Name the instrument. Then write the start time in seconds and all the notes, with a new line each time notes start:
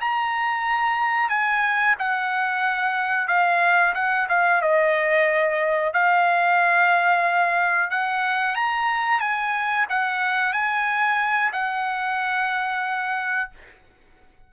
trumpet
0.00 A#5
1.29 G#5
1.98 F#5
3.27 F5
3.94 F#5
4.28 F5
4.61 D#5
5.93 F5
7.90 F#5
8.55 A#5
9.19 G#5
9.89 F#5
10.52 G#5
11.52 F#5